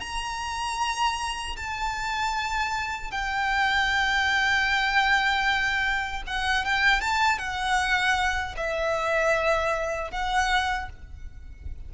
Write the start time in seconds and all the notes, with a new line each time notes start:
0.00 A#5
1.57 A5
3.11 G5
6.27 F#5
6.65 G5
7.01 A5
7.38 F#5
8.57 E5
10.11 F#5